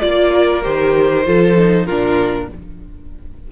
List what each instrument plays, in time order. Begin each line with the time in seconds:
0.00 cello A#3, viola F4, violin D5
0.34 violin A#4
0.62 cello D#3, viola G4, violin C5
1.25 cello F3, viola F4, violin A4
1.57 viola D#4
1.86 cello A#2, viola D4, violin F4 A#4